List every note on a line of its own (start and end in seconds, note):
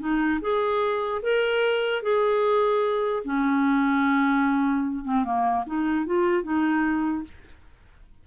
0.00 0.40 D#4
0.41 1.22 G#4
1.22 2.02 A#4
2.02 3.23 G#4
3.25 5.05 C#4
5.05 5.24 C4
5.24 5.65 A#3
5.67 6.06 D#4
6.06 6.43 F4
6.43 7.24 D#4